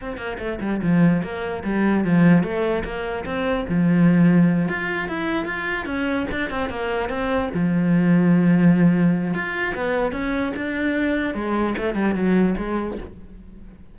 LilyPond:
\new Staff \with { instrumentName = "cello" } { \time 4/4 \tempo 4 = 148 c'8 ais8 a8 g8 f4 ais4 | g4 f4 a4 ais4 | c'4 f2~ f8 f'8~ | f'8 e'4 f'4 cis'4 d'8 |
c'8 ais4 c'4 f4.~ | f2. f'4 | b4 cis'4 d'2 | gis4 a8 g8 fis4 gis4 | }